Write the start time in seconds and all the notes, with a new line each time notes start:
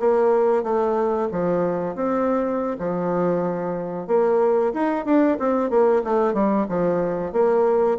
0.00 A#3
0.63 A3
1.32 F3
1.96 C4
2.79 F3
4.07 A#3
4.74 D#4
5.05 D4
5.40 C4
5.70 A#3
6.04 A3
6.34 G3
6.69 F3
7.33 A#3